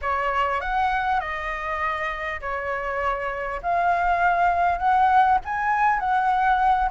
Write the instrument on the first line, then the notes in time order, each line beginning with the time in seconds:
flute
0.01 C#5
0.60 F#5
1.20 D#5
2.41 C#5
3.62 F5
4.78 F#5
5.44 G#5
5.99 F#5